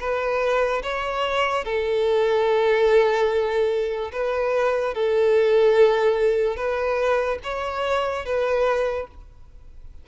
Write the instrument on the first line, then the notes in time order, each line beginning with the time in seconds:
violin
0.00 B4
0.83 C#5
1.65 A4
4.12 B4
4.94 A4
6.56 B4
7.43 C#5
8.25 B4